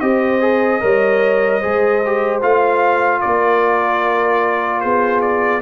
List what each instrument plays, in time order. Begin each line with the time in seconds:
0.00 tuba C4, trombone G4, horn C5, trumpet D#5
0.41 trombone G#4
0.81 tuba G3, trombone A#4, horn C#5
1.60 tuba G#3, trombone G#4, horn C5
2.05 trombone G4
2.42 tuba A3, trombone F4, trumpet F5
3.21 tuba A#3, horn A#4, trumpet D5
4.80 tuba B3, horn G#4, trumpet C5
5.21 trumpet D5